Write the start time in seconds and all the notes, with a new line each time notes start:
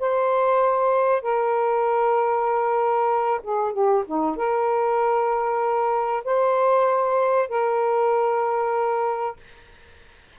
0.00 C5
1.23 A#4
3.44 G#4
3.73 G4
4.07 D#4
4.37 A#4
6.25 C5
7.49 A#4